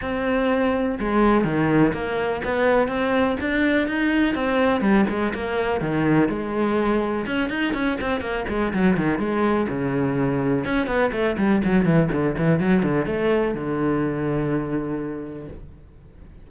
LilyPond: \new Staff \with { instrumentName = "cello" } { \time 4/4 \tempo 4 = 124 c'2 gis4 dis4 | ais4 b4 c'4 d'4 | dis'4 c'4 g8 gis8 ais4 | dis4 gis2 cis'8 dis'8 |
cis'8 c'8 ais8 gis8 fis8 dis8 gis4 | cis2 cis'8 b8 a8 g8 | fis8 e8 d8 e8 fis8 d8 a4 | d1 | }